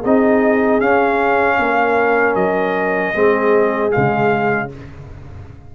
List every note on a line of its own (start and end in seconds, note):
0.00 0.81 C4
0.00 0.82 D#4
0.00 1.56 G#4
0.00 0.81 D#5
0.81 1.59 C#4
0.81 3.14 C#4
0.81 2.36 F5
1.59 2.35 A#3
1.59 3.16 A#4
2.35 3.13 F#3
2.35 3.92 D#5
3.14 3.93 G#3
3.14 3.92 C4
3.14 4.72 G#4
3.92 4.75 C#3
3.92 4.69 G#3
3.92 4.70 F5